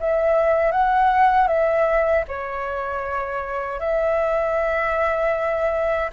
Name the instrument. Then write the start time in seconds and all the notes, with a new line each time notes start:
flute
0.00 E5
0.72 F#5
1.48 E5
2.28 C#5
3.80 E5